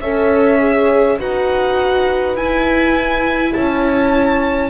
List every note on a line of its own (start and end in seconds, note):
0.00 1.19 C#4
0.00 0.58 A4
0.00 1.18 C#5
0.00 1.18 E5
0.58 1.17 G#4
1.18 2.35 D#4
1.18 2.37 F#4
1.18 3.54 B4
1.18 2.36 F#5
2.35 3.53 E4
2.35 4.70 E4
2.35 3.53 G#5
3.53 4.70 C#4
3.53 4.70 C#5
3.53 4.70 A5